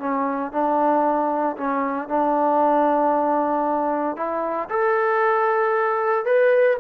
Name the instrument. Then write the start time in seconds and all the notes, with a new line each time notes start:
trombone
0.00 C#4
0.52 D4
1.57 C#4
2.09 D4
4.17 E4
4.70 A4
6.25 B4